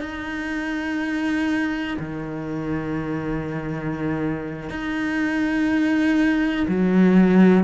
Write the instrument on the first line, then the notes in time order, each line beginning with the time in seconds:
cello
0.00 D#4
1.99 D#3
4.69 D#4
6.68 F#3